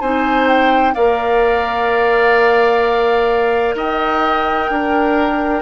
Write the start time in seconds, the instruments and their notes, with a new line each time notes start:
0.00 bassoon C4, clarinet D#4, oboe C5, flute G#5
0.47 flute G5
0.94 bassoon A#3, clarinet A#4, oboe D5, flute F5
3.75 bassoon D#4, oboe D#5, flute G5
4.69 bassoon D4, oboe A#4